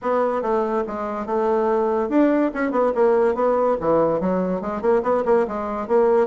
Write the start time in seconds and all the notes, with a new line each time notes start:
0.02 B3
0.41 A3
0.87 G#3
1.26 A3
2.09 D4
2.53 C#4
2.71 B3
2.94 A#3
3.34 B3
3.80 E3
4.20 F#3
4.61 G#3
4.81 A#3
5.03 B3
5.25 A#3
5.47 G#3
5.87 A#3